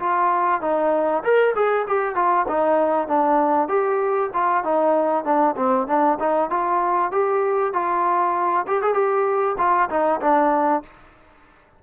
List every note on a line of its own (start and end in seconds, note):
0.00 0.62 F4
0.62 1.23 D#4
1.24 1.55 A#4
1.55 1.86 G#4
1.88 2.16 G4
2.16 2.47 F4
2.48 3.08 D#4
3.08 3.69 D4
3.69 4.31 G4
4.34 4.64 F4
4.64 5.25 D#4
5.25 5.56 D4
5.57 5.88 C4
5.88 6.19 D4
6.20 6.50 D#4
6.50 7.12 F4
7.12 7.73 G4
7.73 8.66 F4
8.67 8.83 G4
8.83 8.95 G#4
8.95 9.57 G4
9.58 9.89 F4
9.90 10.21 D#4
10.21 10.83 D4